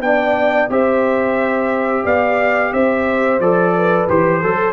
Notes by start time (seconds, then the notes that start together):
0.00 B3 D4 G5
0.06 D5
0.69 C4 G4 C5 E5
2.04 B3 D5 F5
2.73 C4 C5 E5
3.39 F3 A4 D5
3.76 B4
4.08 E3 G4 C5
4.40 F#3 A4